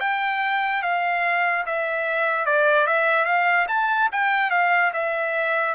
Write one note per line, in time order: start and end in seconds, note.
0.00 0.82 G5
0.82 1.64 F5
1.66 2.45 E5
2.45 2.87 D5
2.87 3.25 E5
3.25 3.66 F5
3.68 4.09 A5
4.12 4.50 G5
4.50 4.91 F5
4.93 5.75 E5